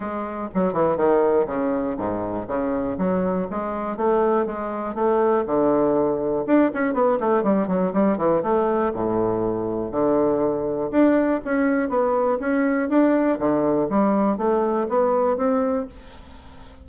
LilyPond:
\new Staff \with { instrumentName = "bassoon" } { \time 4/4 \tempo 4 = 121 gis4 fis8 e8 dis4 cis4 | gis,4 cis4 fis4 gis4 | a4 gis4 a4 d4~ | d4 d'8 cis'8 b8 a8 g8 fis8 |
g8 e8 a4 a,2 | d2 d'4 cis'4 | b4 cis'4 d'4 d4 | g4 a4 b4 c'4 | }